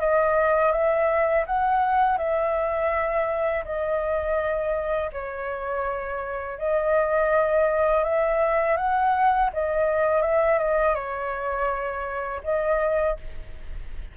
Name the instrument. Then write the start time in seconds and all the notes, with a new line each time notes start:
flute
0.00 D#5
0.72 E5
1.46 F#5
2.18 E5
3.65 D#5
5.12 C#5
6.59 D#5
8.04 E5
8.77 F#5
9.53 D#5
10.21 E5
10.58 D#5
10.95 C#5
12.43 D#5